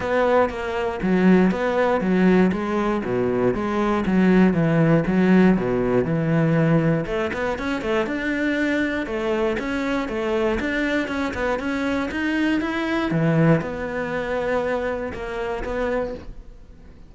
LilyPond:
\new Staff \with { instrumentName = "cello" } { \time 4/4 \tempo 4 = 119 b4 ais4 fis4 b4 | fis4 gis4 b,4 gis4 | fis4 e4 fis4 b,4 | e2 a8 b8 cis'8 a8 |
d'2 a4 cis'4 | a4 d'4 cis'8 b8 cis'4 | dis'4 e'4 e4 b4~ | b2 ais4 b4 | }